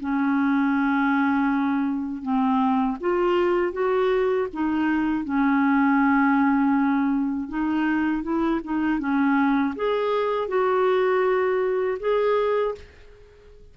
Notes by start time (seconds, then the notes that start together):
0.00 C#4
2.22 C4
3.00 F4
3.73 F#4
4.53 D#4
5.24 C#4
7.49 D#4
8.23 E4
8.64 D#4
8.99 C#4
9.75 G#4
10.48 F#4
12.00 G#4